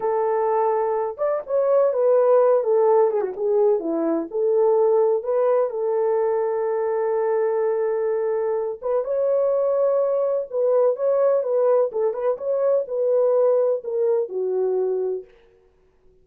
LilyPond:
\new Staff \with { instrumentName = "horn" } { \time 4/4 \tempo 4 = 126 a'2~ a'8 d''8 cis''4 | b'4. a'4 gis'16 fis'16 gis'4 | e'4 a'2 b'4 | a'1~ |
a'2~ a'8 b'8 cis''4~ | cis''2 b'4 cis''4 | b'4 a'8 b'8 cis''4 b'4~ | b'4 ais'4 fis'2 | }